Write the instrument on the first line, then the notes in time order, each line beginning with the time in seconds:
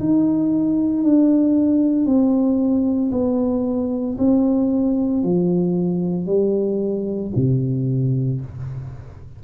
tuba
0.00 D#4
1.04 D4
2.06 C4
3.12 B3
4.18 C4
5.23 F3
6.26 G3
7.36 C3